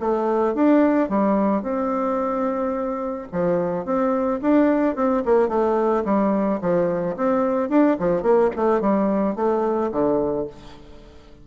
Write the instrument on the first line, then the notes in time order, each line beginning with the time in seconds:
bassoon
0.00 A3
0.55 D4
1.09 G3
1.62 C4
3.32 F3
3.85 C4
4.42 D4
4.95 C4
5.25 A#3
5.48 A3
6.05 G3
6.61 F3
7.17 C4
7.69 D4
7.99 F3
8.22 A#3
8.56 A3
8.81 G3
9.36 A3
9.92 D3